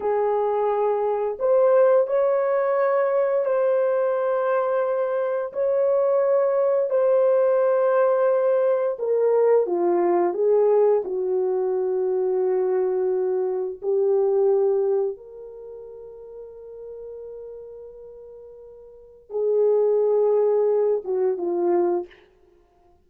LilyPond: \new Staff \with { instrumentName = "horn" } { \time 4/4 \tempo 4 = 87 gis'2 c''4 cis''4~ | cis''4 c''2. | cis''2 c''2~ | c''4 ais'4 f'4 gis'4 |
fis'1 | g'2 ais'2~ | ais'1 | gis'2~ gis'8 fis'8 f'4 | }